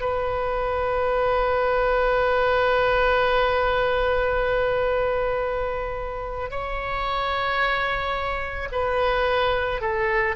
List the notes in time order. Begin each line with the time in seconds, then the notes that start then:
0.00 B4
6.50 C#5
8.72 B4
9.81 A4